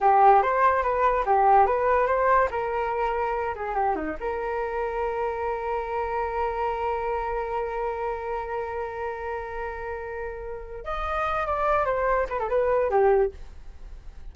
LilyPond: \new Staff \with { instrumentName = "flute" } { \time 4/4 \tempo 4 = 144 g'4 c''4 b'4 g'4 | b'4 c''4 ais'2~ | ais'8 gis'8 g'8 dis'8 ais'2~ | ais'1~ |
ais'1~ | ais'1~ | ais'2 dis''4. d''8~ | d''8 c''4 b'16 a'16 b'4 g'4 | }